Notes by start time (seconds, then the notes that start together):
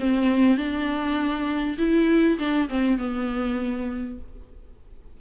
0.00 C4
0.58 D4
1.79 E4
2.39 D4
2.69 C4
2.99 B3